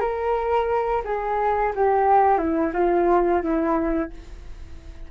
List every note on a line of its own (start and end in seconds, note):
0.00 1.02 A#4
1.04 1.72 G#4
1.75 2.37 G4
2.37 2.71 E4
2.73 3.42 F4
3.42 4.10 E4